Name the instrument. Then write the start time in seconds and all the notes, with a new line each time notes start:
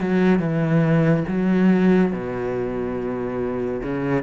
cello
0.00 F#3
0.39 E3
1.28 F#3
2.12 B2
3.82 C#3